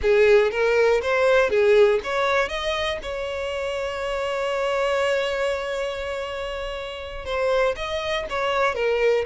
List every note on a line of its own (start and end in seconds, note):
0.02 0.51 G#4
0.51 1.01 A#4
1.02 1.50 C5
1.50 2.00 G#4
2.03 2.48 C#5
2.48 2.98 D#5
3.02 7.25 C#5
7.25 7.75 C5
7.76 8.26 D#5
8.29 8.74 C#5
8.74 9.24 A#4